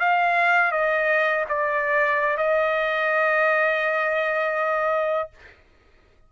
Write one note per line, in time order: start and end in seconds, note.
0.00 0.72 F5
0.72 1.45 D#5
1.49 2.38 D5
2.38 5.30 D#5